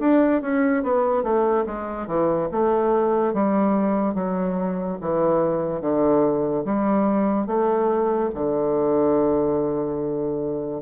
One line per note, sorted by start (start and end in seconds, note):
0.00 0.42 D4
0.42 0.83 C#4
0.83 1.23 B3
1.23 1.65 A3
1.66 2.08 G#3
2.08 2.49 E3
2.52 3.34 A3
3.34 4.15 G3
4.15 4.98 F#3
5.01 5.81 E3
5.81 6.64 D3
6.65 7.47 G3
7.47 8.30 A3
8.35 10.82 D3